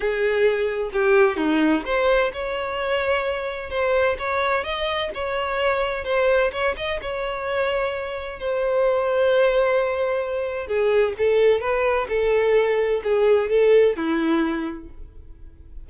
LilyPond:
\new Staff \with { instrumentName = "violin" } { \time 4/4 \tempo 4 = 129 gis'2 g'4 dis'4 | c''4 cis''2. | c''4 cis''4 dis''4 cis''4~ | cis''4 c''4 cis''8 dis''8 cis''4~ |
cis''2 c''2~ | c''2. gis'4 | a'4 b'4 a'2 | gis'4 a'4 e'2 | }